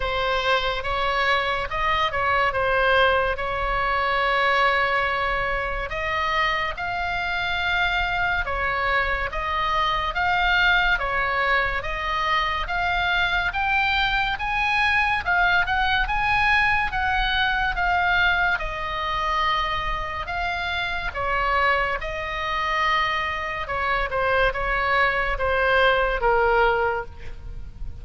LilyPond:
\new Staff \with { instrumentName = "oboe" } { \time 4/4 \tempo 4 = 71 c''4 cis''4 dis''8 cis''8 c''4 | cis''2. dis''4 | f''2 cis''4 dis''4 | f''4 cis''4 dis''4 f''4 |
g''4 gis''4 f''8 fis''8 gis''4 | fis''4 f''4 dis''2 | f''4 cis''4 dis''2 | cis''8 c''8 cis''4 c''4 ais'4 | }